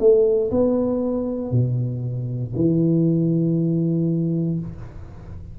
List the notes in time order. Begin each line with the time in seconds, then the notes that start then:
0.00 A3
0.51 B3
1.52 B2
2.56 E3